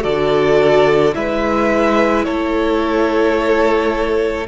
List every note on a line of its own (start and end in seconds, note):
0.00 1.15 D3
0.00 1.11 F#4
0.00 1.14 A4
0.00 1.14 D5
1.12 2.27 G#3
1.12 4.45 E4
1.12 2.25 B4
1.12 2.24 E5
2.24 4.47 A3
2.24 4.47 A4
2.24 4.46 C#5